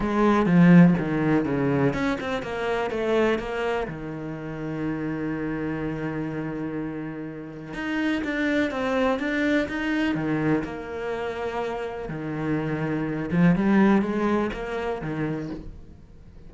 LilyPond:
\new Staff \with { instrumentName = "cello" } { \time 4/4 \tempo 4 = 124 gis4 f4 dis4 cis4 | cis'8 c'8 ais4 a4 ais4 | dis1~ | dis1 |
dis'4 d'4 c'4 d'4 | dis'4 dis4 ais2~ | ais4 dis2~ dis8 f8 | g4 gis4 ais4 dis4 | }